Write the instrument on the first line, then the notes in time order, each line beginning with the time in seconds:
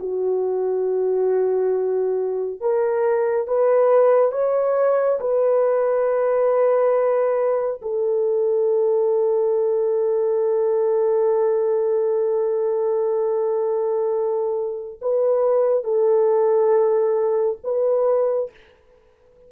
horn
0.00 F#4
2.61 A#4
3.47 B4
4.32 C#5
5.20 B4
7.82 A4
15.02 B4
15.84 A4
17.64 B4